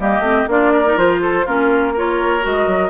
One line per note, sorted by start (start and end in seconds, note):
0.00 0.20 G3
0.00 0.24 A#3
0.00 0.50 G4
0.00 0.50 D#5
0.20 0.45 A3
0.20 0.48 C4
0.48 0.96 A#3
0.48 0.86 D4
0.48 0.73 F4
0.48 0.99 D5
0.73 1.22 A#4
0.86 0.97 D#4
0.97 1.46 F3
0.97 1.46 F4
0.97 1.47 C5
1.22 1.46 A4
1.46 2.46 A#3
1.46 1.95 C#4
1.46 1.94 F4
1.46 1.96 A#4
1.94 2.42 F4
1.94 2.91 A#4
1.94 2.47 C#5
2.42 2.67 G#3
2.42 2.90 F#4
2.49 2.91 D#5
2.67 2.91 F#3